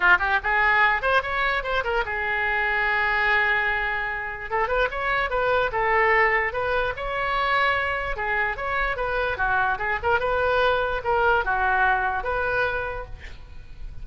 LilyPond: \new Staff \with { instrumentName = "oboe" } { \time 4/4 \tempo 4 = 147 f'8 g'8 gis'4. c''8 cis''4 | c''8 ais'8 gis'2.~ | gis'2. a'8 b'8 | cis''4 b'4 a'2 |
b'4 cis''2. | gis'4 cis''4 b'4 fis'4 | gis'8 ais'8 b'2 ais'4 | fis'2 b'2 | }